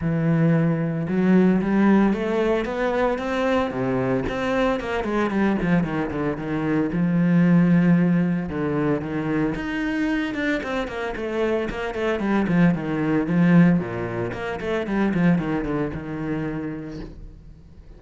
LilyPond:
\new Staff \with { instrumentName = "cello" } { \time 4/4 \tempo 4 = 113 e2 fis4 g4 | a4 b4 c'4 c4 | c'4 ais8 gis8 g8 f8 dis8 d8 | dis4 f2. |
d4 dis4 dis'4. d'8 | c'8 ais8 a4 ais8 a8 g8 f8 | dis4 f4 ais,4 ais8 a8 | g8 f8 dis8 d8 dis2 | }